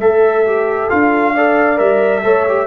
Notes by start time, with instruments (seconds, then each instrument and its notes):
0.00 tuba A3, horn A4, trombone A4, trumpet E5
0.46 trombone G4
0.90 tuba D4, trombone F4, trumpet F5
1.34 trombone A4, horn D5
1.76 tuba G3, trombone A#4, trumpet E5
2.24 tuba A3, trombone A4, horn C#5
2.48 trombone G4